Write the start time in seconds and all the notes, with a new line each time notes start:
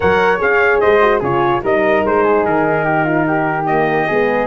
0.00 F#3 A#4 C#5 F#5
0.38 C#4 G#4 F5
0.80 G#3 C5 D#5
1.01 F#4
1.19 C#3 F4 G#4 C#5
1.61 G3 D#4 A#4 D#5
2.04 G#3 C5
2.23 G#4
2.45 D#3 A#4
2.84 G4
3.04 F4
3.27 G4
3.66 A#3 D#5
4.07 G#3 B3 G#4